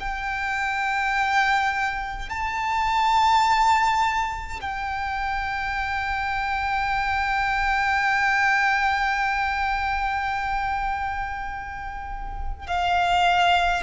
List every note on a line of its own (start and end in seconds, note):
0.00 2.30 G5
2.30 4.60 A5
4.61 12.67 G5
12.67 13.83 F5